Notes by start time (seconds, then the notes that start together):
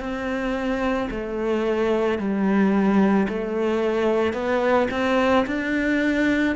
0.00 C4
1.11 A3
2.18 G3
3.28 A3
4.33 B3
4.91 C4
5.46 D4